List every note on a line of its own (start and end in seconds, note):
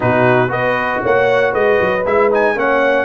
0.00 0.49 B2
0.00 0.48 D#4
0.00 0.49 F#4
0.00 0.51 B4
0.48 1.01 B3
0.48 2.02 F#4
0.48 1.00 B4
0.48 1.02 D#5
1.02 1.53 A#3
1.02 1.51 C#5
1.02 1.54 F#5
1.51 1.79 G#3
1.51 2.54 B4
1.51 2.05 D#5
1.80 2.05 F#3
2.05 2.55 G#3
2.05 2.31 E4
2.05 2.31 E5
2.31 2.55 D#4
2.31 2.58 G#5
2.55 3.04 A#3
2.55 3.04 C#4
2.55 3.04 C#5
2.55 3.04 F#5